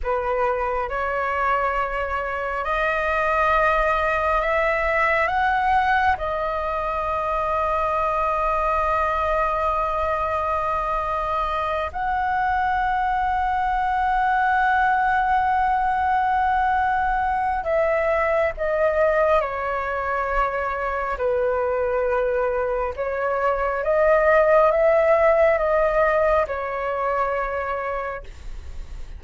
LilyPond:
\new Staff \with { instrumentName = "flute" } { \time 4/4 \tempo 4 = 68 b'4 cis''2 dis''4~ | dis''4 e''4 fis''4 dis''4~ | dis''1~ | dis''4. fis''2~ fis''8~ |
fis''1 | e''4 dis''4 cis''2 | b'2 cis''4 dis''4 | e''4 dis''4 cis''2 | }